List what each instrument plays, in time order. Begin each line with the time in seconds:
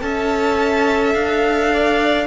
0.00 cello C#4, viola A4, violin E5 A5
1.14 cello D4, violin F5
1.73 violin D5